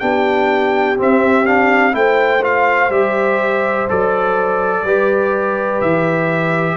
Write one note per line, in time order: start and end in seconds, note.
0.00 0.99 B3
0.00 0.97 D4
0.00 1.95 G4
0.00 0.97 G5
0.97 1.45 C4
0.97 1.94 C4
0.97 1.46 E5
1.46 1.92 D4
1.46 1.94 F5
1.92 2.90 A3
1.92 2.40 E4
1.92 4.84 C5
1.92 2.43 G5
2.42 2.90 F4
2.42 2.91 F5
2.90 3.86 G3
2.90 3.87 G4
2.90 3.88 E5
3.89 4.83 F#3
3.89 4.85 A4
3.89 5.81 D5
4.83 5.80 G3
4.83 6.77 G4
4.83 6.77 B4
5.81 6.77 E3
5.81 6.77 E5